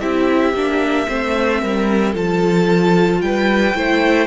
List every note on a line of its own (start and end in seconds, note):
0.00 0.53 C4
0.00 0.54 E4
0.00 1.07 G4
0.00 2.14 E5
0.53 1.06 A#3
0.53 1.06 D4
1.06 1.62 A3
1.06 2.13 C4
1.06 1.61 C5
1.61 2.14 G3
1.61 2.12 A#4
2.12 3.20 F3
2.12 3.74 F4
2.12 3.19 A4
2.12 3.21 A5
3.20 3.74 G3
3.20 3.76 B4
3.20 4.27 G5
3.74 4.27 A3
3.74 4.27 E4
3.74 4.27 C5